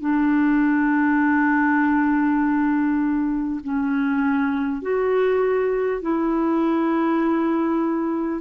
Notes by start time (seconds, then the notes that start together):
0.00 D4
3.63 C#4
4.82 F#4
6.01 E4